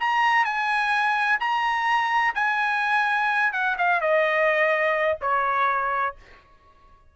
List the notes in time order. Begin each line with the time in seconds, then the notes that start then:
0.00 A#5
0.45 G#5
1.40 A#5
2.35 G#5
3.53 F#5
3.78 F5
4.01 D#5
5.21 C#5